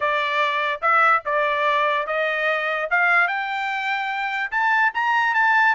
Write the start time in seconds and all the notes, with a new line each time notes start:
0.00 D5
0.81 E5
1.25 D5
2.06 D#5
2.90 F5
3.27 G5
4.51 A5
4.94 A#5
5.34 A5